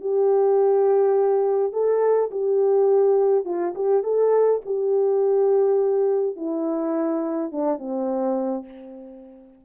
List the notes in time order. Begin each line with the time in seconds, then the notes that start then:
0.00 G4
1.72 A4
2.31 G4
3.44 F4
3.74 G4
4.03 A4
4.65 G4
6.36 E4
7.51 D4
7.78 C4